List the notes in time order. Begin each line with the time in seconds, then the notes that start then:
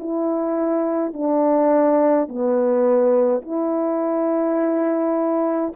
0.00 E4
1.14 D4
2.29 B3
3.42 E4